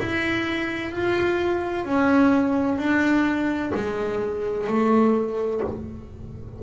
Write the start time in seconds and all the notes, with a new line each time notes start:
0.00 E4
0.92 F4
1.86 C#4
2.79 D4
3.75 G#3
4.67 A3